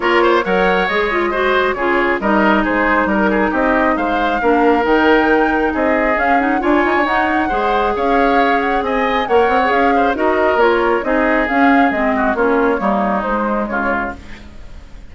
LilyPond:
<<
  \new Staff \with { instrumentName = "flute" } { \time 4/4 \tempo 4 = 136 cis''4 fis''4 dis''2 | cis''4 dis''4 c''4 ais'4 | dis''4 f''2 g''4~ | g''4 dis''4 f''8 fis''8 gis''4 |
fis''2 f''4. fis''8 | gis''4 fis''4 f''4 dis''4 | cis''4 dis''4 f''4 dis''4 | cis''2 c''4 cis''4 | }
  \new Staff \with { instrumentName = "oboe" } { \time 4/4 ais'8 c''8 cis''2 c''4 | gis'4 ais'4 gis'4 ais'8 gis'8 | g'4 c''4 ais'2~ | ais'4 gis'2 cis''4~ |
cis''4 c''4 cis''2 | dis''4 cis''4. c''8 ais'4~ | ais'4 gis'2~ gis'8 fis'8 | f'4 dis'2 f'4 | }
  \new Staff \with { instrumentName = "clarinet" } { \time 4/4 f'4 ais'4 gis'8 f'8 fis'4 | f'4 dis'2.~ | dis'2 d'4 dis'4~ | dis'2 cis'8 dis'8 f'4 |
dis'4 gis'2.~ | gis'4 ais'8. gis'4~ gis'16 fis'4 | f'4 dis'4 cis'4 c'4 | cis'4 ais4 gis2 | }
  \new Staff \with { instrumentName = "bassoon" } { \time 4/4 ais4 fis4 gis2 | cis4 g4 gis4 g4 | c'4 gis4 ais4 dis4~ | dis4 c'4 cis'4 d'8 dis'16 d'16 |
dis'4 gis4 cis'2 | c'4 ais8 c'8 cis'4 dis'4 | ais4 c'4 cis'4 gis4 | ais4 g4 gis4 cis4 | }
>>